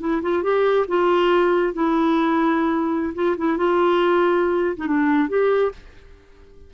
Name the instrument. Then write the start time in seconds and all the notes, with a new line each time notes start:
clarinet
0.00 E4
0.22 F4
0.43 G4
0.88 F4
1.73 E4
3.14 F4
3.37 E4
3.57 F4
4.76 D#4
4.87 D4
5.28 G4